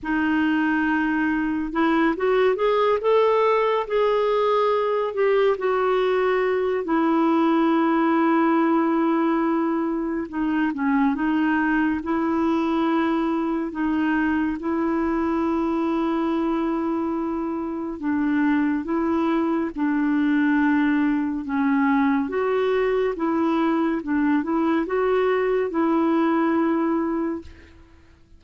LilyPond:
\new Staff \with { instrumentName = "clarinet" } { \time 4/4 \tempo 4 = 70 dis'2 e'8 fis'8 gis'8 a'8~ | a'8 gis'4. g'8 fis'4. | e'1 | dis'8 cis'8 dis'4 e'2 |
dis'4 e'2.~ | e'4 d'4 e'4 d'4~ | d'4 cis'4 fis'4 e'4 | d'8 e'8 fis'4 e'2 | }